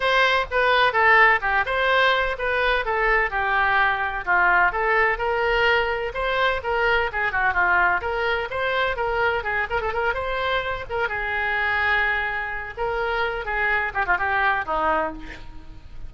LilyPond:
\new Staff \with { instrumentName = "oboe" } { \time 4/4 \tempo 4 = 127 c''4 b'4 a'4 g'8 c''8~ | c''4 b'4 a'4 g'4~ | g'4 f'4 a'4 ais'4~ | ais'4 c''4 ais'4 gis'8 fis'8 |
f'4 ais'4 c''4 ais'4 | gis'8 ais'16 a'16 ais'8 c''4. ais'8 gis'8~ | gis'2. ais'4~ | ais'8 gis'4 g'16 f'16 g'4 dis'4 | }